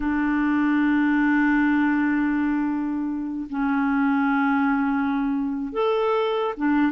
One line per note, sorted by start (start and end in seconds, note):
0.00 3.46 D4
3.49 5.73 C#4
5.73 6.54 A4
6.57 6.92 D4